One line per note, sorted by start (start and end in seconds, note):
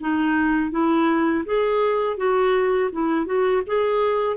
0.00 0.71 D#4
0.71 1.44 E4
1.45 2.17 G#4
2.17 2.90 F#4
2.92 3.26 E4
3.26 3.62 F#4
3.66 4.36 G#4